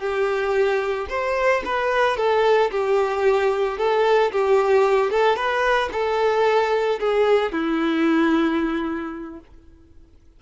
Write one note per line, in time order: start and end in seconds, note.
0.00 1.07 G4
1.10 1.63 C5
1.65 2.17 B4
2.17 2.71 A4
2.71 3.78 G4
3.78 4.31 A4
4.32 5.11 G4
5.11 5.36 A4
5.36 5.90 B4
5.92 7.00 A4
7.00 7.52 G#4
7.52 9.40 E4